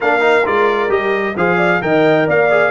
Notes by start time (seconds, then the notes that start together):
0.00 A#3 D4 A#4 F5
0.20 D#4
0.44 G#3 F4 D5
0.89 G3 G4 D#5
1.36 F3 G#4 C5 F5
1.57 D5
1.81 D#3 A#4 D#5 G5
2.27 A#3 D5 F5
2.50 G#4